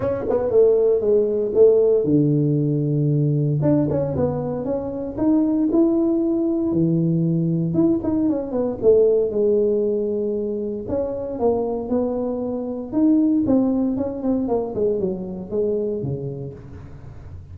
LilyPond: \new Staff \with { instrumentName = "tuba" } { \time 4/4 \tempo 4 = 116 cis'8 b8 a4 gis4 a4 | d2. d'8 cis'8 | b4 cis'4 dis'4 e'4~ | e'4 e2 e'8 dis'8 |
cis'8 b8 a4 gis2~ | gis4 cis'4 ais4 b4~ | b4 dis'4 c'4 cis'8 c'8 | ais8 gis8 fis4 gis4 cis4 | }